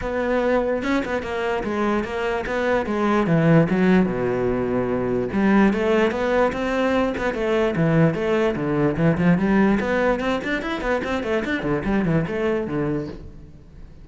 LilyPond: \new Staff \with { instrumentName = "cello" } { \time 4/4 \tempo 4 = 147 b2 cis'8 b8 ais4 | gis4 ais4 b4 gis4 | e4 fis4 b,2~ | b,4 g4 a4 b4 |
c'4. b8 a4 e4 | a4 d4 e8 f8 g4 | b4 c'8 d'8 e'8 b8 c'8 a8 | d'8 d8 g8 e8 a4 d4 | }